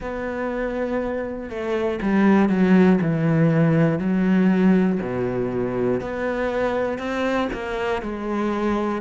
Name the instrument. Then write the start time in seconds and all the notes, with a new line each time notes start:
cello
0.00 B3
1.49 A3
2.01 G3
2.49 F#3
3.01 E3
3.99 F#3
5.01 B2
6.00 B3
6.98 C4
7.52 A#3
8.01 G#3